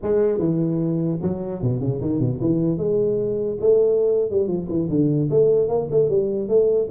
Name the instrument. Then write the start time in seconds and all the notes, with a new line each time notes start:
tuba
0.02 G#3
0.38 E3
1.22 F#3
1.61 B2
1.79 C#3
2.01 D#3
2.19 B2
2.40 E3
2.77 G#3
3.60 A3
4.30 G3
4.47 F3
4.68 E3
4.89 D3
5.30 A3
5.68 A#3
5.90 A3
6.09 G3
6.48 A3